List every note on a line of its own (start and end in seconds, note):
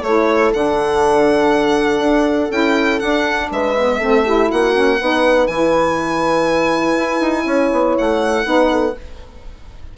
0.00 0.52 A3
0.00 0.53 E4
0.00 3.47 A4
0.00 0.52 C#5
0.53 1.99 D3
0.53 2.50 D4
0.53 2.51 F#5
1.99 2.48 D4
2.50 3.00 C#4
2.50 2.99 E4
2.50 2.99 G5
2.99 3.74 D4
2.99 3.51 D4
2.99 3.49 F#5
3.51 4.00 G#3
3.51 3.98 B4
3.51 4.51 E5
3.76 4.01 B3
3.98 4.51 A3
3.98 4.26 C4
3.98 4.23 A4
4.25 4.73 E4
4.25 4.47 G4
4.47 5.00 A#3
4.47 4.97 F#4
4.47 5.47 F#5
4.73 4.98 C#4
5.00 5.47 B3
5.00 5.50 D#4
5.00 7.45 B4
5.47 6.96 E3
5.47 8.44 E4
5.47 7.95 G#5
6.98 7.20 E4
7.20 7.45 D#4
7.45 7.70 C#4
7.45 8.44 C#5
7.72 7.97 B3
7.98 8.45 A3
7.98 8.97 F#5
8.44 8.94 B3
8.44 8.94 D#4
8.44 8.71 B4
8.71 8.96 A4